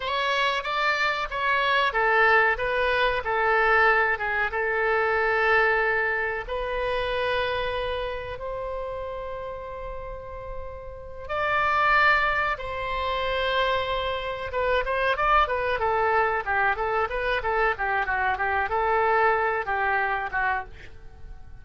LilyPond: \new Staff \with { instrumentName = "oboe" } { \time 4/4 \tempo 4 = 93 cis''4 d''4 cis''4 a'4 | b'4 a'4. gis'8 a'4~ | a'2 b'2~ | b'4 c''2.~ |
c''4. d''2 c''8~ | c''2~ c''8 b'8 c''8 d''8 | b'8 a'4 g'8 a'8 b'8 a'8 g'8 | fis'8 g'8 a'4. g'4 fis'8 | }